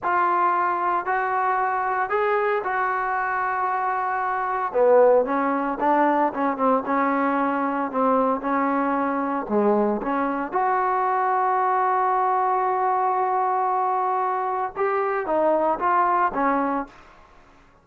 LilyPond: \new Staff \with { instrumentName = "trombone" } { \time 4/4 \tempo 4 = 114 f'2 fis'2 | gis'4 fis'2.~ | fis'4 b4 cis'4 d'4 | cis'8 c'8 cis'2 c'4 |
cis'2 gis4 cis'4 | fis'1~ | fis'1 | g'4 dis'4 f'4 cis'4 | }